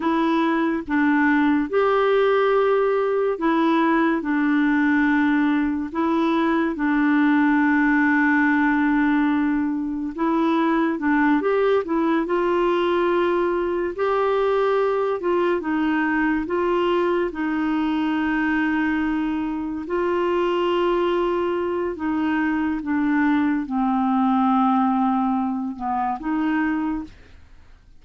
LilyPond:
\new Staff \with { instrumentName = "clarinet" } { \time 4/4 \tempo 4 = 71 e'4 d'4 g'2 | e'4 d'2 e'4 | d'1 | e'4 d'8 g'8 e'8 f'4.~ |
f'8 g'4. f'8 dis'4 f'8~ | f'8 dis'2. f'8~ | f'2 dis'4 d'4 | c'2~ c'8 b8 dis'4 | }